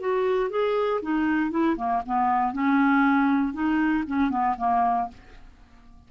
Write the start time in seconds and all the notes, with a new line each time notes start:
0.00 F#4
0.50 G#4
1.02 D#4
1.51 E4
1.77 A#3
2.06 B3
2.53 C#4
3.53 D#4
4.07 C#4
4.30 B3
4.58 A#3